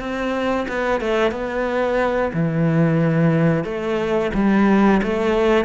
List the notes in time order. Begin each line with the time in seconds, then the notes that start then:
0.00 C4
0.69 B3
1.01 A3
1.32 B3
2.34 E3
3.65 A3
4.35 G3
5.03 A3